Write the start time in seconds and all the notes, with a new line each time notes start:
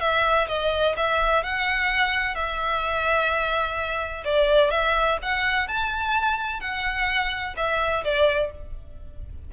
0.00 E5
0.48 D#5
0.97 E5
1.43 F#5
2.35 E5
4.25 D5
4.71 E5
5.22 F#5
5.68 A5
6.60 F#5
7.57 E5
8.04 D5